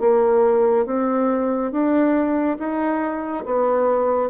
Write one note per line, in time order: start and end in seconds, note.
0.00 0.86 A#3
0.86 1.71 C4
1.71 2.57 D4
2.59 3.44 D#4
3.46 4.30 B3